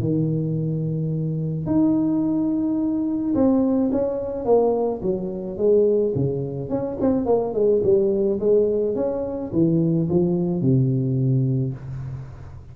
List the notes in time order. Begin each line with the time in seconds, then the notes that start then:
0.00 D#3
1.67 D#4
3.35 C4
3.93 C#4
4.46 A#3
5.03 F#3
5.58 G#3
6.15 C#3
6.70 C#4
7.01 C4
7.26 A#3
7.54 G#3
7.84 G3
8.40 G#3
8.96 C#4
9.53 E3
10.10 F3
10.62 C3